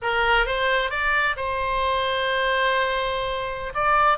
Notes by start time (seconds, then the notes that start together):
0.01 A#4
0.46 C5
0.90 D5
1.36 C5
3.74 D5